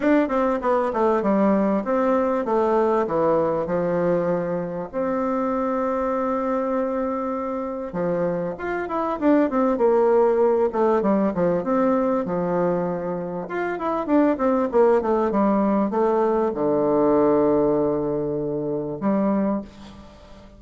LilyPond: \new Staff \with { instrumentName = "bassoon" } { \time 4/4 \tempo 4 = 98 d'8 c'8 b8 a8 g4 c'4 | a4 e4 f2 | c'1~ | c'4 f4 f'8 e'8 d'8 c'8 |
ais4. a8 g8 f8 c'4 | f2 f'8 e'8 d'8 c'8 | ais8 a8 g4 a4 d4~ | d2. g4 | }